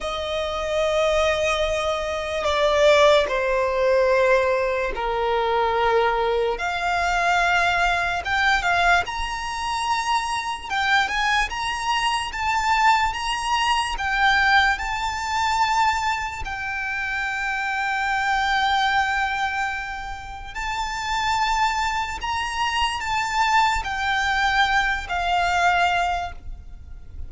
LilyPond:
\new Staff \with { instrumentName = "violin" } { \time 4/4 \tempo 4 = 73 dis''2. d''4 | c''2 ais'2 | f''2 g''8 f''8 ais''4~ | ais''4 g''8 gis''8 ais''4 a''4 |
ais''4 g''4 a''2 | g''1~ | g''4 a''2 ais''4 | a''4 g''4. f''4. | }